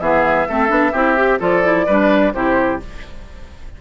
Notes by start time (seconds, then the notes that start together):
0.00 E3 B3 G#4 E5
0.49 A3 C4 A4
0.68 B3 D4
0.92 C4 E4 G4
1.17 G4
1.39 F3 F4 A4 D5
1.63 E4
1.86 G3 D4 B4
2.33 C3 E4 G4 C5